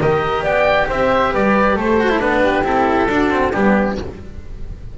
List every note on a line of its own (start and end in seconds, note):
0.00 0.43 D#3
0.00 2.01 G4
0.00 0.43 A#4
0.00 0.45 D#5
0.43 0.88 B3
0.43 0.87 D5
0.43 0.89 G5
0.88 1.34 C4
0.88 1.32 C5
0.88 1.34 E5
1.32 1.77 G3
1.32 1.75 B4
1.32 1.78 D5
1.75 2.21 A3
1.75 2.42 A4
1.75 2.21 C5
2.01 2.09 F#4
2.09 2.19 E4
2.19 2.63 B3
2.19 2.63 D4
2.19 2.65 B4
2.43 3.09 G4
2.63 3.07 C4
2.63 3.08 E4
2.63 3.52 A4
3.07 3.51 D4
3.07 3.31 D4
3.07 3.52 F#4
3.31 3.53 C4
3.52 3.98 G3
3.52 3.98 B3
3.52 3.96 D4
3.52 3.96 G4